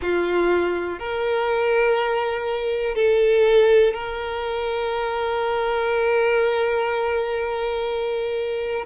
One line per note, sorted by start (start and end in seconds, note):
0.01 0.99 F4
0.99 2.95 A#4
2.95 3.93 A4
3.93 8.85 A#4